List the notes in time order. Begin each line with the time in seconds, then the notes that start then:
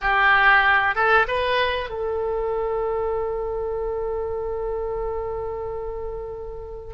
0.01 G4
0.95 A4
1.27 B4
1.89 A4